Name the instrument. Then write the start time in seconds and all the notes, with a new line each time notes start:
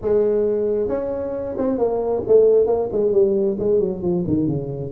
tuba
0.01 G#3
0.88 C#4
1.57 C4
1.78 A#3
2.27 A3
2.66 A#3
2.91 G#3
3.12 G3
3.59 G#3
3.80 F#3
4.02 F3
4.27 D#3
4.47 C#3